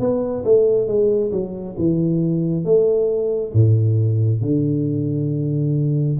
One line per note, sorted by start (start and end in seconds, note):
0.00 0.44 B3
0.45 0.87 A3
0.87 1.32 G#3
1.32 1.76 F#3
1.78 2.65 E3
2.65 3.53 A3
3.53 4.41 A2
4.41 6.18 D3